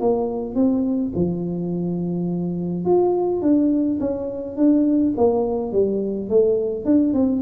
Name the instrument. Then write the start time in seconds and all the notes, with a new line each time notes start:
tuba
0.00 A#3
0.55 C4
1.16 F3
2.85 F4
3.42 D4
4.00 C#4
4.57 D4
5.17 A#3
5.72 G3
6.29 A3
6.85 D4
7.14 C4